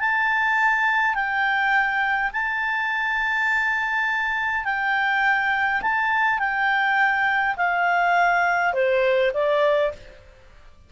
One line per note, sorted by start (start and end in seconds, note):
0.00 1.14 A5
1.14 2.31 G5
2.33 4.65 A5
4.65 5.81 G5
5.82 6.39 A5
6.39 7.56 G5
7.57 8.73 F5
8.73 9.32 C5
9.34 9.92 D5